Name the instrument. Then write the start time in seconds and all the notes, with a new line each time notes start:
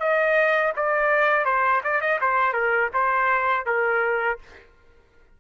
trumpet
0.00 D#5
0.76 D5
1.45 C5
1.84 D5
2.01 D#5
2.21 C5
2.53 A#4
2.93 C5
3.66 A#4